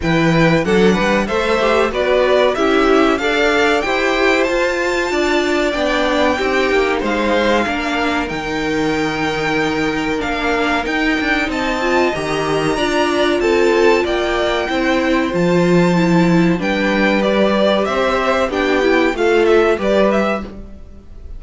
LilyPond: <<
  \new Staff \with { instrumentName = "violin" } { \time 4/4 \tempo 4 = 94 g''4 fis''4 e''4 d''4 | e''4 f''4 g''4 a''4~ | a''4 g''2 f''4~ | f''4 g''2. |
f''4 g''4 a''4 ais''4~ | ais''4 a''4 g''2 | a''2 g''4 d''4 | e''4 g''4 f''8 e''8 d''8 e''8 | }
  \new Staff \with { instrumentName = "violin" } { \time 4/4 b'4 a'8 b'8 c''4 b'4 | g'4 d''4 c''2 | d''2 g'4 c''4 | ais'1~ |
ais'2 dis''2 | d''4 a'4 d''4 c''4~ | c''2 b'2 | c''4 g'4 a'4 b'4 | }
  \new Staff \with { instrumentName = "viola" } { \time 4/4 e'4 d'4 a'8 g'8 fis'4 | e'4 a'4 g'4 f'4~ | f'4 d'4 dis'2 | d'4 dis'2. |
d'4 dis'4. f'8 g'4 | f'2. e'4 | f'4 e'4 d'4 g'4~ | g'4 d'8 e'8 f'4 g'4 | }
  \new Staff \with { instrumentName = "cello" } { \time 4/4 e4 fis8 g8 a4 b4 | cis'4 d'4 e'4 f'4 | d'4 b4 c'8 ais8 gis4 | ais4 dis2. |
ais4 dis'8 d'8 c'4 dis4 | d'4 c'4 ais4 c'4 | f2 g2 | c'4 b4 a4 g4 | }
>>